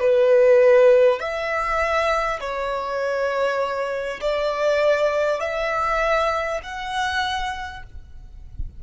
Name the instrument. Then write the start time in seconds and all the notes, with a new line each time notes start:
violin
0.00 B4
1.20 E5
2.41 C#5
4.21 D5
5.41 E5
6.63 F#5